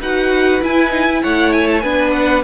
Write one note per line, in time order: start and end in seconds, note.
0.00 0.61 D#4
0.00 0.61 F#4
0.00 1.22 B4
0.00 0.64 F#5
0.61 0.91 E4
0.61 1.24 E4
0.61 1.23 G#5
0.91 1.05 D#4
1.05 1.82 E4
1.22 1.83 A3
1.22 1.82 C#5
1.22 1.52 F#5
1.52 1.67 G#5
1.67 1.80 A5
1.80 2.44 B3
1.80 2.44 D4
1.80 2.44 B4
1.80 2.11 G#5
2.13 2.43 F#5